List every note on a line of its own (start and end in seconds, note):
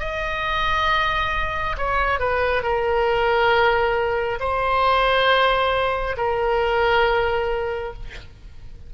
0.00 1.76 D#5
1.78 2.20 C#5
2.20 2.63 B4
2.63 4.39 A#4
4.40 6.16 C5
6.17 7.94 A#4